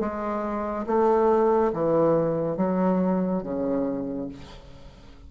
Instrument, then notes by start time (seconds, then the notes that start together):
bassoon
0.00 G#3
0.86 A3
1.73 E3
2.57 F#3
3.43 C#3